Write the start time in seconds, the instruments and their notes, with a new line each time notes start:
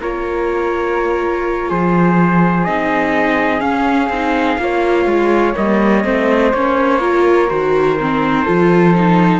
0.00 cello A#3, viola F4, flute A#4, trumpet C#5
1.69 cello F3, flute G#4, trumpet C5
2.64 cello C4, viola D#4, trumpet D#5
3.60 viola C#4, cello C#4, trumpet F5
4.09 cello C4, viola D#4
4.58 cello A#3, viola F4, flute C#5
5.05 cello G#3
5.54 cello G3, viola A#3, trumpet D#5
6.04 cello A3, viola C4, flute C5
6.53 cello A#3, viola C#4, trumpet C#5
7.00 viola F4, flute A#4
7.49 cello D#3, viola F#4, trumpet C5
8.01 viola C4
8.45 cello F3, viola F4, flute A4
8.95 viola D#4